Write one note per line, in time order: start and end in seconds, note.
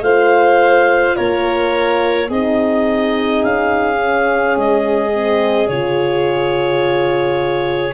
0.00 1.13 A3
0.00 2.30 F4
0.00 1.16 C5
0.00 1.16 F5
1.16 2.29 A#3
1.16 2.28 A#4
1.16 2.29 C#5
2.28 3.42 C4
2.28 3.96 D#4
2.28 7.93 G#4
2.28 3.43 D#5
3.43 4.56 C#4
3.43 4.57 F5
3.96 5.09 C#4
4.56 5.68 G#3
4.56 5.68 D#5
5.13 5.70 C4
5.68 7.93 C#3
5.68 7.93 F4
5.68 7.93 C#5